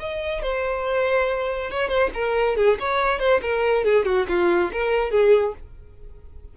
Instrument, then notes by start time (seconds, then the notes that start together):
violin
0.00 D#5
0.42 C5
1.71 C#5
1.89 C5
2.14 A#4
2.57 G#4
2.80 C#5
3.19 C5
3.42 A#4
3.85 G#4
4.05 F#4
4.29 F4
4.72 A#4
5.11 G#4